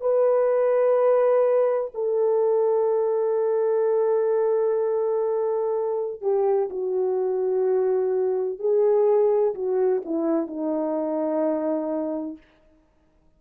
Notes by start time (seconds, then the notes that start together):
0.00 B4
1.94 A4
6.21 G4
6.69 F#4
8.58 G#4
9.55 F#4
10.05 E4
10.47 D#4